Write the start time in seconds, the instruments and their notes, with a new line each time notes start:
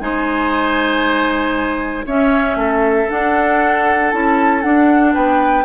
0.00 bassoon G#3, clarinet D#4, oboe C5, flute G#5
2.06 bassoon C#4, clarinet C#4, oboe C#5, flute E5
2.55 bassoon A3, oboe A4
3.09 clarinet D4, bassoon D4, flute F#5
4.10 bassoon C#4, clarinet E4, flute A5
4.61 clarinet D4, bassoon D4, flute F#5
5.14 bassoon B3, oboe B4, flute G5